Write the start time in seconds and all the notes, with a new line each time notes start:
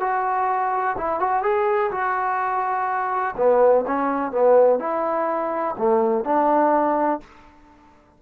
0.00 F#4
0.98 E4
1.19 F#4
1.43 G#4
1.91 F#4
3.37 B3
3.87 C#4
4.31 B3
4.79 E4
5.78 A3
6.24 D4